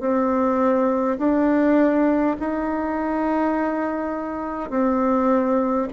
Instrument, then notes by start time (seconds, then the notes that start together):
bassoon
0.00 C4
1.19 D4
2.40 D#4
4.70 C4